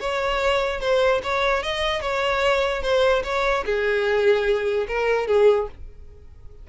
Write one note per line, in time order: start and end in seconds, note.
0.00 0.81 C#5
0.81 1.21 C5
1.23 1.63 C#5
1.63 2.01 D#5
2.01 2.82 C#5
2.82 3.23 C5
3.24 3.64 C#5
3.65 4.87 G#4
4.88 5.27 A#4
5.27 5.68 G#4